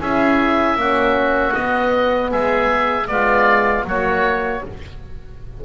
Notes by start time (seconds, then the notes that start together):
0.00 C#4 E4 G#4 E5
0.76 A#3 C#4 F#4
1.51 B3 D#5
2.30 G#3 G#4 E5
3.07 G#3 B3 F4 D5
3.85 F#3 A#3 F#4 C#5